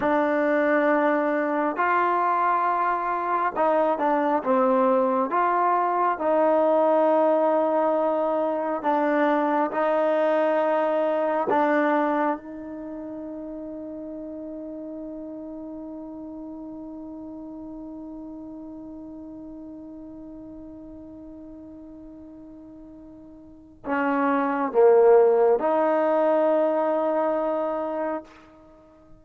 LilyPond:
\new Staff \with { instrumentName = "trombone" } { \time 4/4 \tempo 4 = 68 d'2 f'2 | dis'8 d'8 c'4 f'4 dis'4~ | dis'2 d'4 dis'4~ | dis'4 d'4 dis'2~ |
dis'1~ | dis'1~ | dis'2. cis'4 | ais4 dis'2. | }